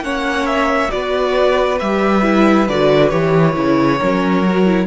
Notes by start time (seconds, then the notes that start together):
0.00 A#3 C#4 C#5 F#5
0.46 E5
0.89 B3 F#4 B4 D5
1.80 G3 G4 E5
2.23 E4
2.69 D3 F#4 D5
3.10 E3 G4 C#5
3.53 C#3 E4
3.99 F#3 C#4 A#4
4.46 F#4
4.66 E4